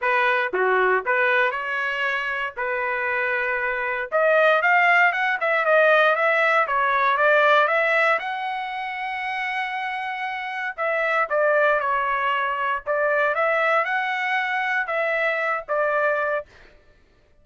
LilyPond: \new Staff \with { instrumentName = "trumpet" } { \time 4/4 \tempo 4 = 117 b'4 fis'4 b'4 cis''4~ | cis''4 b'2. | dis''4 f''4 fis''8 e''8 dis''4 | e''4 cis''4 d''4 e''4 |
fis''1~ | fis''4 e''4 d''4 cis''4~ | cis''4 d''4 e''4 fis''4~ | fis''4 e''4. d''4. | }